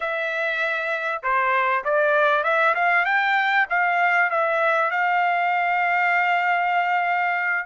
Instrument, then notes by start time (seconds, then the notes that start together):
trumpet
0.00 E5
1.22 C5
1.84 D5
2.43 E5
2.74 F5
3.05 G5
3.69 F5
4.30 E5
4.91 F5